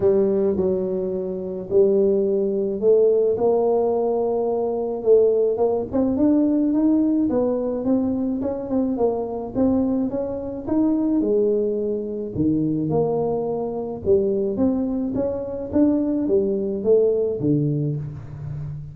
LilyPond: \new Staff \with { instrumentName = "tuba" } { \time 4/4 \tempo 4 = 107 g4 fis2 g4~ | g4 a4 ais2~ | ais4 a4 ais8 c'8 d'4 | dis'4 b4 c'4 cis'8 c'8 |
ais4 c'4 cis'4 dis'4 | gis2 dis4 ais4~ | ais4 g4 c'4 cis'4 | d'4 g4 a4 d4 | }